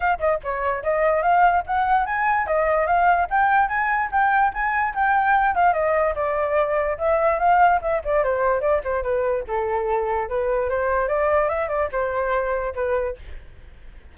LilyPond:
\new Staff \with { instrumentName = "flute" } { \time 4/4 \tempo 4 = 146 f''8 dis''8 cis''4 dis''4 f''4 | fis''4 gis''4 dis''4 f''4 | g''4 gis''4 g''4 gis''4 | g''4. f''8 dis''4 d''4~ |
d''4 e''4 f''4 e''8 d''8 | c''4 d''8 c''8 b'4 a'4~ | a'4 b'4 c''4 d''4 | e''8 d''8 c''2 b'4 | }